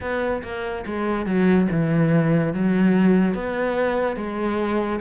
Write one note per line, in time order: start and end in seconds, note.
0.00 0.42 B3
0.42 0.84 A#3
0.86 1.25 G#3
1.25 1.67 F#3
1.71 2.53 E3
2.53 3.34 F#3
3.34 4.16 B3
4.16 4.99 G#3